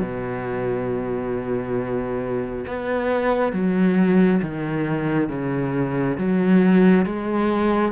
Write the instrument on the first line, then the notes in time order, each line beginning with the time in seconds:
cello
0.00 B2
2.67 B3
3.52 F#3
4.42 D#3
5.29 C#3
6.17 F#3
7.05 G#3